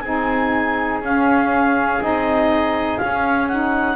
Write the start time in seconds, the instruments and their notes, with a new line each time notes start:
0.00 double bass C4, saxophone D#4, oboe G#4, clarinet G#5
1.02 double bass C#4, saxophone C#4, clarinet F5
2.01 double bass C4, saxophone D#4, clarinet D#5
2.99 saxophone C#4, double bass C#4, clarinet F5
3.48 saxophone D#4, clarinet F#5